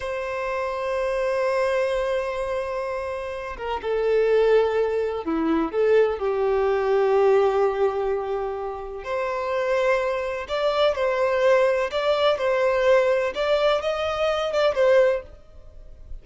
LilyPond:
\new Staff \with { instrumentName = "violin" } { \time 4/4 \tempo 4 = 126 c''1~ | c''2.~ c''8 ais'8 | a'2. e'4 | a'4 g'2.~ |
g'2. c''4~ | c''2 d''4 c''4~ | c''4 d''4 c''2 | d''4 dis''4. d''8 c''4 | }